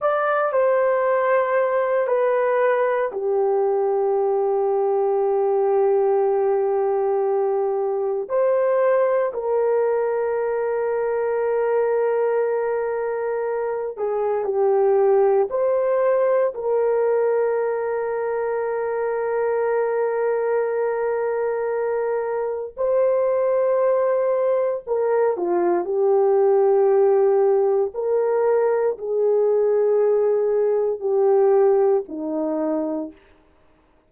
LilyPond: \new Staff \with { instrumentName = "horn" } { \time 4/4 \tempo 4 = 58 d''8 c''4. b'4 g'4~ | g'1 | c''4 ais'2.~ | ais'4. gis'8 g'4 c''4 |
ais'1~ | ais'2 c''2 | ais'8 f'8 g'2 ais'4 | gis'2 g'4 dis'4 | }